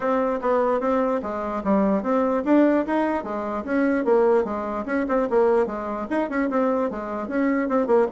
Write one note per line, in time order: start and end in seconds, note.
0.00 0.40 C4
0.41 0.80 B3
0.80 1.21 C4
1.22 1.63 G#3
1.63 2.03 G3
2.03 2.43 C4
2.45 2.85 D4
2.86 3.23 D#4
3.23 3.64 G#3
3.64 4.04 C#4
4.04 4.44 A#3
4.44 4.85 G#3
4.85 5.06 C#4
5.08 5.28 C4
5.30 5.66 A#3
5.66 6.07 G#3
6.09 6.29 D#4
6.29 6.49 C#4
6.49 6.90 C4
6.90 7.28 G#3
7.28 7.68 C#4
7.68 7.86 C4
7.86 8.07 A#3